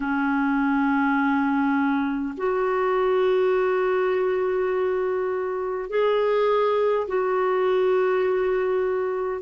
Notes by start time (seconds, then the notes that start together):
0.00 C#4
2.37 F#4
5.89 G#4
7.07 F#4